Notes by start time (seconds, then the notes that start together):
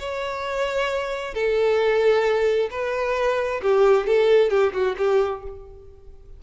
0.00 C#5
1.34 A4
2.71 B4
3.63 G4
4.07 A4
4.51 G4
4.73 F#4
4.98 G4